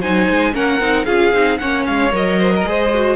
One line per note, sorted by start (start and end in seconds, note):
0.00 0.28 F#3
0.00 0.53 D#4
0.00 0.53 C5
0.00 0.54 G#5
0.30 0.54 G#3
0.53 0.80 A#3
0.53 0.79 C#4
0.53 1.06 A#4
0.53 1.05 F#5
0.80 1.06 C4
0.80 1.06 D#4
1.05 1.33 C#4
1.05 1.33 F4
1.05 1.59 G#4
1.05 1.58 F5
1.33 1.59 C4
1.33 1.60 D#4
1.58 1.87 A#3
1.58 2.12 C#4
1.58 2.39 C#5
1.58 1.84 F#5
1.86 2.12 G#3
1.86 2.13 F5
2.12 2.65 F#3
2.12 2.64 A#4
2.12 3.16 D#5
2.39 2.52 C5
2.56 2.69 A#4
2.65 3.16 G#3
2.65 2.91 G#4
2.65 3.16 C5
2.94 3.16 F#4